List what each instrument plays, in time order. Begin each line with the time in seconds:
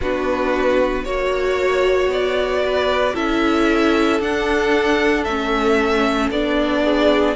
0.00 cello B3, viola D4, violin F#4 B4
1.04 cello A#3, viola F#4, violin C#5
2.08 cello B3, violin D5
2.64 violin B4
3.14 cello C#4, viola E4, violin A4 E5
4.20 cello D4, viola D4, violin F#5
5.23 cello A3, viola C#4, violin E5
6.30 cello B3, viola D4, violin D5
6.84 violin G#4